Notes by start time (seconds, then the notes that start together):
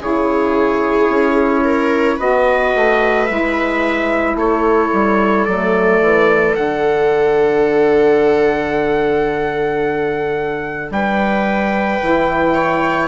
0.00 C#3 E4 G#4 C#5
1.09 C#4
1.64 A#4
2.17 B3 F#4 B4 D#5
2.75 A3
3.27 G#3 E4 E5
4.35 A3 A4 C#5
4.93 G3
5.45 F#3 A3 D5
6.02 E3
6.56 D3 D4 F#5
10.91 G3 B4 G5
12.00 E3 E4
12.55 C#5